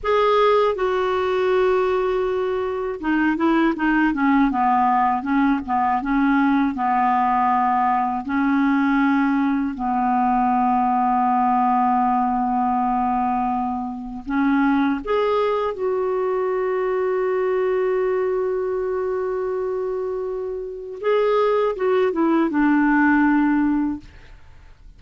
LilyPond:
\new Staff \with { instrumentName = "clarinet" } { \time 4/4 \tempo 4 = 80 gis'4 fis'2. | dis'8 e'8 dis'8 cis'8 b4 cis'8 b8 | cis'4 b2 cis'4~ | cis'4 b2.~ |
b2. cis'4 | gis'4 fis'2.~ | fis'1 | gis'4 fis'8 e'8 d'2 | }